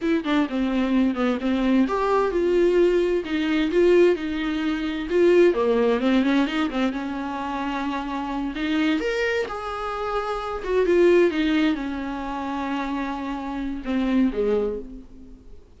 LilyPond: \new Staff \with { instrumentName = "viola" } { \time 4/4 \tempo 4 = 130 e'8 d'8 c'4. b8 c'4 | g'4 f'2 dis'4 | f'4 dis'2 f'4 | ais4 c'8 cis'8 dis'8 c'8 cis'4~ |
cis'2~ cis'8 dis'4 ais'8~ | ais'8 gis'2~ gis'8 fis'8 f'8~ | f'8 dis'4 cis'2~ cis'8~ | cis'2 c'4 gis4 | }